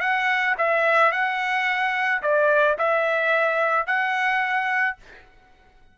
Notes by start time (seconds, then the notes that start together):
0.00 F#5
0.58 E5
1.11 F#5
2.22 D5
2.78 E5
3.87 F#5